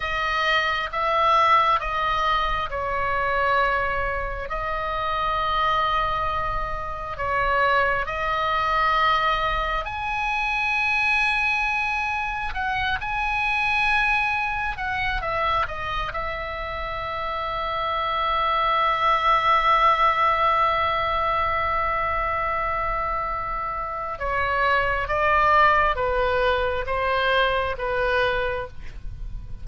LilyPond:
\new Staff \with { instrumentName = "oboe" } { \time 4/4 \tempo 4 = 67 dis''4 e''4 dis''4 cis''4~ | cis''4 dis''2. | cis''4 dis''2 gis''4~ | gis''2 fis''8 gis''4.~ |
gis''8 fis''8 e''8 dis''8 e''2~ | e''1~ | e''2. cis''4 | d''4 b'4 c''4 b'4 | }